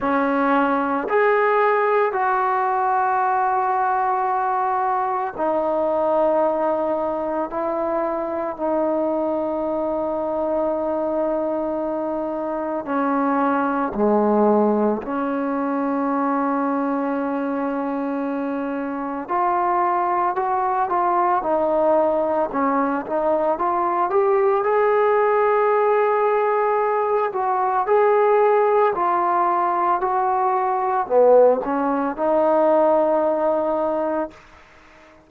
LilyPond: \new Staff \with { instrumentName = "trombone" } { \time 4/4 \tempo 4 = 56 cis'4 gis'4 fis'2~ | fis'4 dis'2 e'4 | dis'1 | cis'4 gis4 cis'2~ |
cis'2 f'4 fis'8 f'8 | dis'4 cis'8 dis'8 f'8 g'8 gis'4~ | gis'4. fis'8 gis'4 f'4 | fis'4 b8 cis'8 dis'2 | }